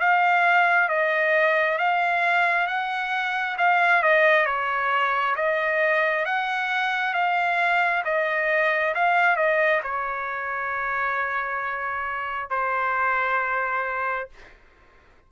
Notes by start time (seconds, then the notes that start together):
0.00 F5
0.89 D#5
1.78 F5
2.67 F#5
3.58 F5
4.03 D#5
4.46 C#5
5.36 D#5
6.25 F#5
7.14 F5
8.05 D#5
8.95 F5
9.36 D#5
9.83 C#5
12.50 C5